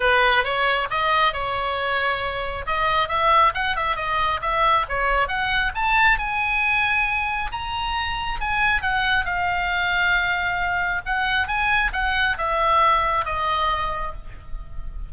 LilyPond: \new Staff \with { instrumentName = "oboe" } { \time 4/4 \tempo 4 = 136 b'4 cis''4 dis''4 cis''4~ | cis''2 dis''4 e''4 | fis''8 e''8 dis''4 e''4 cis''4 | fis''4 a''4 gis''2~ |
gis''4 ais''2 gis''4 | fis''4 f''2.~ | f''4 fis''4 gis''4 fis''4 | e''2 dis''2 | }